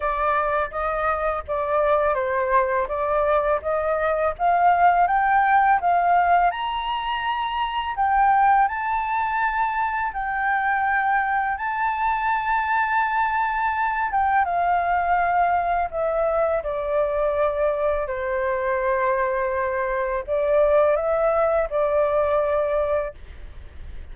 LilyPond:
\new Staff \with { instrumentName = "flute" } { \time 4/4 \tempo 4 = 83 d''4 dis''4 d''4 c''4 | d''4 dis''4 f''4 g''4 | f''4 ais''2 g''4 | a''2 g''2 |
a''2.~ a''8 g''8 | f''2 e''4 d''4~ | d''4 c''2. | d''4 e''4 d''2 | }